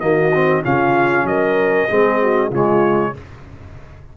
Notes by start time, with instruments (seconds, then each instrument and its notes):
0.00 tuba D#3, trombone A#3, horn F#4, trumpet D#5
0.34 trombone C4
0.63 tuba C#3, trombone C#4, horn F4, trumpet F5
1.24 tuba F#3, horn A#4, trumpet D#5
1.89 tuba G#3, trombone C4, horn G#4
2.22 horn F#4
2.50 tuba C#3, trombone G#3, horn F4, trumpet C#5